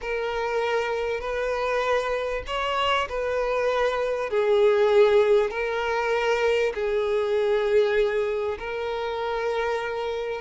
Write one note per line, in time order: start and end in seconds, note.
0.01 1.20 A#4
1.20 2.43 B4
2.46 3.08 C#5
3.08 4.29 B4
4.29 5.50 G#4
5.50 6.72 A#4
6.74 8.58 G#4
8.59 10.41 A#4